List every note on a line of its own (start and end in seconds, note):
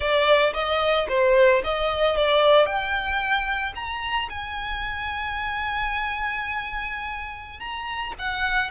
0.00 0.53 D5
0.53 1.07 D#5
1.08 1.62 C5
1.63 2.16 D#5
2.16 2.66 D5
2.66 3.73 G5
3.75 4.29 A#5
4.29 7.59 G#5
7.59 8.13 A#5
8.18 8.70 F#5